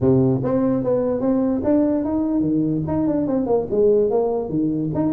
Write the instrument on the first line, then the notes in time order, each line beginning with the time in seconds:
tuba
0.00 C3
0.43 C4
0.83 B3
1.20 C4
1.63 D4
2.04 D#4
2.40 D#3
2.87 D#4
3.07 D4
3.27 C4
3.46 A#3
3.70 G#3
4.10 A#3
4.49 D#3
4.94 D#4